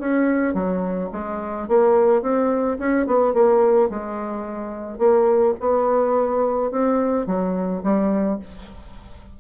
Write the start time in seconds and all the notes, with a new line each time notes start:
0.00 C#4
0.54 F#3
1.12 G#3
1.68 A#3
2.22 C4
2.79 C#4
3.07 B3
3.34 A#3
3.90 G#3
4.99 A#3
5.60 B3
6.71 C4
7.27 F#3
7.84 G3